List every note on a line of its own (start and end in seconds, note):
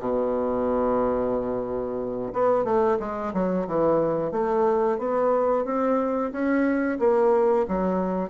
0.00 2.33 B2
2.33 2.65 B3
2.65 2.98 A3
3.00 3.33 G#3
3.34 3.67 F#3
3.68 4.32 E3
4.32 4.98 A3
4.98 5.65 B3
5.65 6.32 C4
6.32 6.99 C#4
7.00 7.66 A#3
7.68 8.30 F#3